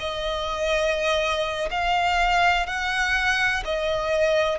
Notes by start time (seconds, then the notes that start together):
0.00 D#5
1.71 F5
2.67 F#5
3.65 D#5